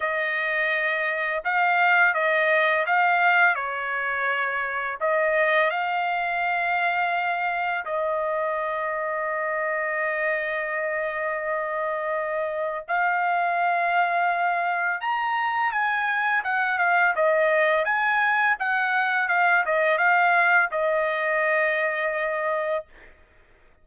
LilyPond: \new Staff \with { instrumentName = "trumpet" } { \time 4/4 \tempo 4 = 84 dis''2 f''4 dis''4 | f''4 cis''2 dis''4 | f''2. dis''4~ | dis''1~ |
dis''2 f''2~ | f''4 ais''4 gis''4 fis''8 f''8 | dis''4 gis''4 fis''4 f''8 dis''8 | f''4 dis''2. | }